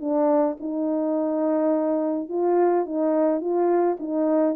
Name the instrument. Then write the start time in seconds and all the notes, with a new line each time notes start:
horn
0.00 D4
0.60 D#4
2.28 F4
2.86 D#4
3.40 F4
3.99 D#4